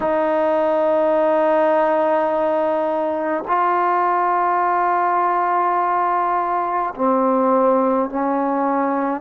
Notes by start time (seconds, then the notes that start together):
0.00 D#4
3.47 F4
6.95 C4
8.09 C#4